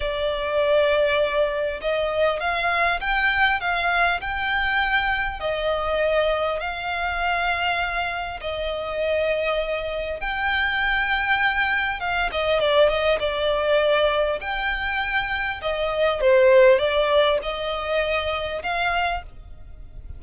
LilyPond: \new Staff \with { instrumentName = "violin" } { \time 4/4 \tempo 4 = 100 d''2. dis''4 | f''4 g''4 f''4 g''4~ | g''4 dis''2 f''4~ | f''2 dis''2~ |
dis''4 g''2. | f''8 dis''8 d''8 dis''8 d''2 | g''2 dis''4 c''4 | d''4 dis''2 f''4 | }